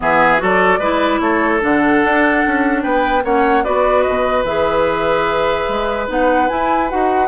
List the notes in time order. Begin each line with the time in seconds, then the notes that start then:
0.00 E3 B3 G#4 E5
0.38 F#3 F#4 A4 D5
0.78 G#3 E4 B4
1.20 A3 A4 C#5
1.60 D3 D4 F#5
2.04 D4
2.46 C#4
2.82 B3 B4 G5
3.24 A#3 C#4 C#5 F#5
3.63 B3 F#4 B4 D5
4.02 B2 D#5
4.43 E3 G#4 E5
5.68 G#3
6.08 B3 D#4 F#5
6.48 E4 G#5
6.89 D#4 F#4 F#5